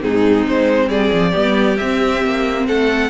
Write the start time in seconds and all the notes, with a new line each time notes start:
0.00 G#2 C4 D#4 G#4
0.47 G#3 C5
0.88 G3 G#4 D5
1.13 F3
1.31 G3 B3 G4
1.77 C4 E5
2.24 A#3
2.67 A3 A4 F#5